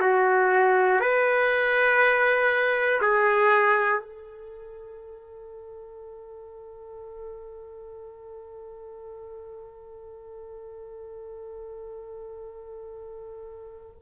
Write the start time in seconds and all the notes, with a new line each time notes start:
0.00 F#4
1.00 B4
3.01 G#4
4.00 A4